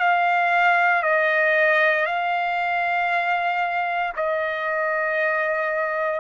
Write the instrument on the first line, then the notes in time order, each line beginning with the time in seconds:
trumpet
0.00 F5
1.03 D#5
2.06 F5
4.17 D#5